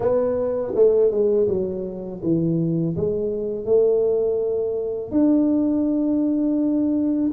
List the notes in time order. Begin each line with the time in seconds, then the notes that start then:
0.00 B3
0.75 A3
1.11 G#3
1.48 F#3
2.23 E3
2.96 G#3
3.65 A3
5.11 D4